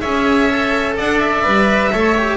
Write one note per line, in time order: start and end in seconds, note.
0.00 0.98 C#4
0.00 0.49 G#4
0.00 0.95 C#5
0.00 0.94 E5
0.49 1.43 A4
0.96 1.45 D4
0.96 1.91 D5
0.96 1.19 F#5
1.19 2.37 E5
1.43 1.93 G3
1.43 1.90 B4
1.92 2.37 A3
1.92 2.16 A4
1.92 2.37 C#5
2.17 2.37 G4